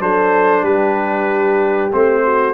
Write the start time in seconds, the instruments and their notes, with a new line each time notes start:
0.00 tuba F#3, trombone D4, horn A4, trumpet C5
0.63 tuba G3, horn G4, trumpet B4
1.93 tuba A3, trombone C4, trumpet C5
2.24 horn F#4